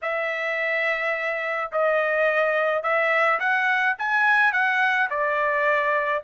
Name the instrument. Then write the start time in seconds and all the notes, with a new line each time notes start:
trumpet
0.02 E5
1.72 D#5
2.82 E5
3.39 F#5
3.98 G#5
4.52 F#5
5.10 D5